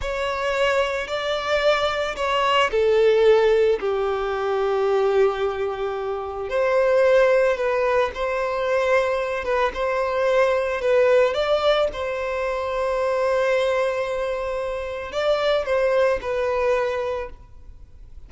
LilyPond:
\new Staff \with { instrumentName = "violin" } { \time 4/4 \tempo 4 = 111 cis''2 d''2 | cis''4 a'2 g'4~ | g'1 | c''2 b'4 c''4~ |
c''4. b'8 c''2 | b'4 d''4 c''2~ | c''1 | d''4 c''4 b'2 | }